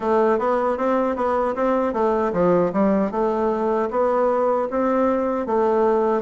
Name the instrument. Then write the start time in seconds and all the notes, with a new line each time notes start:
bassoon
0.00 A3
0.39 B3
0.77 C4
1.15 B3
1.55 C4
1.93 A3
2.32 F3
2.72 G3
3.11 A3
3.90 B3
4.70 C4
5.46 A3